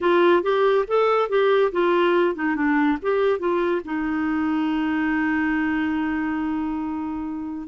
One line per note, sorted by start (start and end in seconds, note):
0.01 0.42 F4
0.42 0.85 G4
0.87 1.29 A4
1.29 1.71 G4
1.72 2.35 F4
2.35 2.55 D#4
2.55 2.98 D4
3.02 3.39 G4
3.39 3.81 F4
3.85 7.68 D#4